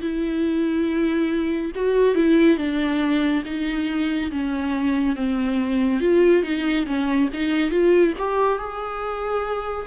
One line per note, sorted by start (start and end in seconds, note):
0.00 1.71 E4
1.75 2.15 F#4
2.15 2.57 E4
2.57 3.42 D4
3.45 4.31 D#4
4.31 5.15 C#4
5.15 6.00 C4
6.00 6.42 F4
6.42 6.85 D#4
6.86 7.29 C#4
7.33 7.70 D#4
7.70 8.13 F4
8.18 8.58 G4
8.58 9.86 G#4